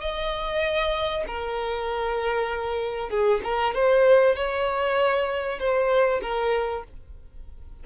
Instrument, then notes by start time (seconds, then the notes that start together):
violin
0.00 D#5
1.27 A#4
3.10 G#4
3.43 A#4
3.74 C5
4.35 C#5
5.59 C5
6.22 A#4